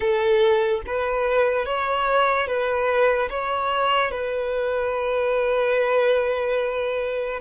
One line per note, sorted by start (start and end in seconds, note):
0.00 0.81 A4
0.86 1.65 B4
1.65 2.47 C#5
2.47 3.29 B4
3.30 4.11 C#5
4.11 7.40 B4